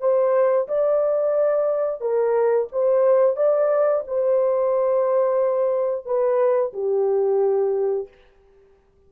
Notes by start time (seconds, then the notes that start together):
0.00 C5
0.68 D5
2.01 A#4
2.72 C5
3.36 D5
4.07 C5
6.06 B4
6.73 G4